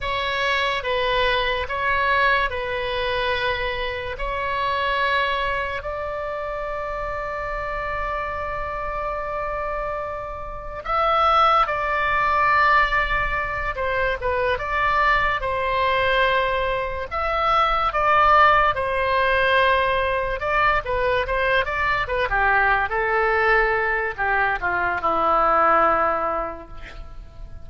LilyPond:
\new Staff \with { instrumentName = "oboe" } { \time 4/4 \tempo 4 = 72 cis''4 b'4 cis''4 b'4~ | b'4 cis''2 d''4~ | d''1~ | d''4 e''4 d''2~ |
d''8 c''8 b'8 d''4 c''4.~ | c''8 e''4 d''4 c''4.~ | c''8 d''8 b'8 c''8 d''8 b'16 g'8. a'8~ | a'4 g'8 f'8 e'2 | }